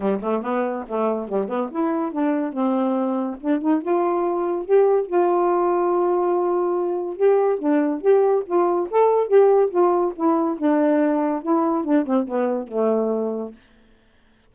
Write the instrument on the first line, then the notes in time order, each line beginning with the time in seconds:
saxophone
0.00 G3
0.22 A3
0.42 B3
0.87 A3
1.28 G3
1.48 B3
1.71 E4
2.11 D4
2.52 C4
3.40 D4
3.61 D#4
3.81 F4
4.65 G4
5.06 F4
7.16 G4
7.58 D4
8.01 G4
8.45 F4
8.90 A4
9.27 G4
9.70 F4
10.15 E4
10.58 D4
11.42 E4
11.84 D4
12.06 C4
12.27 B3
12.67 A3